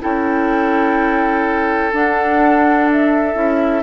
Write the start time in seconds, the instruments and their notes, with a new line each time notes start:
0.00 bassoon C#4, clarinet E4, oboe A4, flute G5
1.93 bassoon D4, clarinet D4, flute F#5
2.91 flute E5
3.34 bassoon C#4, clarinet E4